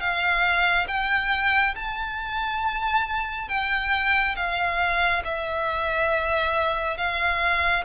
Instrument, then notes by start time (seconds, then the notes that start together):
violin
0.00 F5
0.87 G5
1.75 A5
3.48 G5
4.36 F5
5.24 E5
6.97 F5